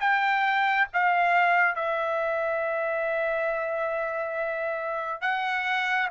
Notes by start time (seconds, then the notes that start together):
0.00 G5
0.93 F5
1.75 E5
5.21 F#5